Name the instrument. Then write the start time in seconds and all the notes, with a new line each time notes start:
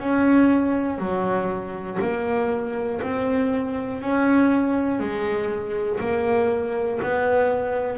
double bass
0.00 C#4
0.99 F#3
2.01 A#3
3.02 C4
4.01 C#4
5.00 G#3
6.00 A#3
7.02 B3